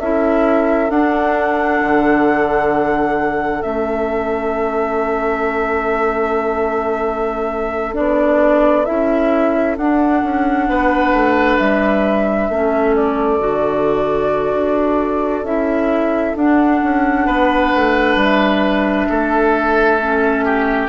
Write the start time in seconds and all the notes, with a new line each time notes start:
0.00 C#4 E4 A4 E5
0.90 D4 F#5
1.82 D3
3.62 A3 C#4 E5
7.94 B3 D4 D5
8.85 C#4 E4 E5
9.77 D4 F#5
10.23 C#4
10.69 B3 B4
11.13 A3
11.59 G3 E5
12.50 A3 C#4 A4
12.96 D5
13.40 D3 F#4
14.54 D4
15.43 C#4 E4 E5
16.36 D4 F#5
16.83 C#4
17.27 B3 B4
17.75 A3
18.16 G3 E5
19.10 A3 A4
20.02 C#4
20.45 G4